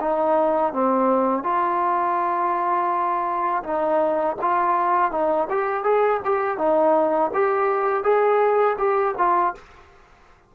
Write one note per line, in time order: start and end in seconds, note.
0.00 0.73 D#4
0.73 1.43 C4
1.43 3.63 F4
3.63 4.36 D#4
4.41 5.11 F4
5.11 5.47 D#4
5.49 5.84 G4
5.84 6.20 G#4
6.24 6.58 G4
6.58 7.31 D#4
7.33 8.03 G4
8.03 8.76 G#4
8.78 9.15 G4
9.18 9.54 F4